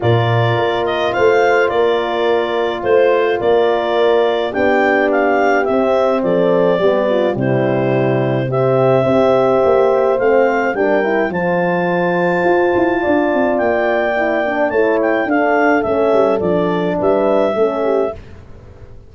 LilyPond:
<<
  \new Staff \with { instrumentName = "clarinet" } { \time 4/4 \tempo 4 = 106 d''4. dis''8 f''4 d''4~ | d''4 c''4 d''2 | g''4 f''4 e''4 d''4~ | d''4 c''2 e''4~ |
e''2 f''4 g''4 | a''1 | g''2 a''8 g''8 f''4 | e''4 d''4 e''2 | }
  \new Staff \with { instrumentName = "horn" } { \time 4/4 ais'2 c''4 ais'4~ | ais'4 c''4 ais'2 | g'2. a'4 | g'8 f'8 e'2 g'4 |
c''2. ais'4 | c''2. d''4~ | d''2 cis''4 a'4~ | a'2 b'4 a'8 g'8 | }
  \new Staff \with { instrumentName = "horn" } { \time 4/4 f'1~ | f'1 | d'2 c'2 | b4 g2 c'4 |
g'2 c'4 d'8 e'8 | f'1~ | f'4 e'8 d'8 e'4 d'4 | cis'4 d'2 cis'4 | }
  \new Staff \with { instrumentName = "tuba" } { \time 4/4 ais,4 ais4 a4 ais4~ | ais4 a4 ais2 | b2 c'4 f4 | g4 c2. |
c'4 ais4 a4 g4 | f2 f'8 e'8 d'8 c'8 | ais2 a4 d'4 | a8 g8 f4 g4 a4 | }
>>